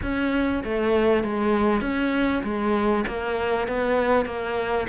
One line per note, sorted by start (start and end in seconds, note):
0.02 0.63 C#4
0.64 1.23 A3
1.23 1.81 G#3
1.81 2.42 C#4
2.43 3.04 G#3
3.07 3.67 A#3
3.67 4.26 B3
4.26 4.87 A#3